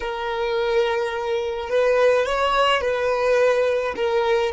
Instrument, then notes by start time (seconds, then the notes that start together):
violin
0.00 A#4
1.69 B4
2.26 C#5
2.81 B4
3.95 A#4